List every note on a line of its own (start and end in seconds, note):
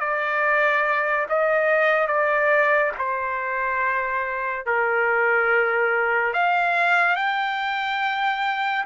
0.00 1.27 D5
1.29 2.08 D#5
2.08 2.92 D5
2.98 4.66 C5
4.66 6.34 A#4
6.34 7.16 F5
7.16 8.85 G5